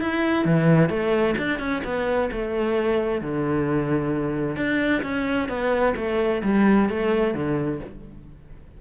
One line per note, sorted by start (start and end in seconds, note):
0.00 0.45 E4
0.45 0.89 E3
0.89 1.35 A3
1.37 1.59 D4
1.59 1.82 C#4
1.84 2.30 B3
2.31 3.21 A3
3.21 4.56 D3
4.56 5.02 D4
5.02 5.48 C#4
5.48 5.94 B3
5.96 6.42 A3
6.43 6.89 G3
6.89 7.34 A3
7.34 7.80 D3